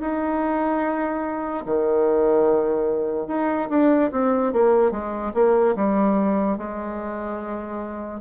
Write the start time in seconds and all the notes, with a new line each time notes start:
0.00 D#4
1.66 D#3
3.27 D#4
3.69 D4
4.11 C4
4.52 A#3
4.91 G#3
5.34 A#3
5.75 G3
6.57 G#3